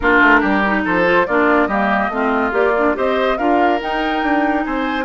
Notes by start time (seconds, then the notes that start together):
0.00 A#3 D4 F4 A#4
0.20 A3
0.40 G3 G4
0.65 D#4
0.84 F3 A4 C5
1.04 F4
1.26 A#3 D4 F4 D5
1.67 G3 A#3 G4 D#5
2.09 A3 C4 F4
2.51 A#3 G4 D5
2.77 D4
2.94 C4 G4 C5 D#5
3.37 D4 F4 A#4 F5
3.79 D#4 G5
4.22 D4
4.64 C4 C5 G#5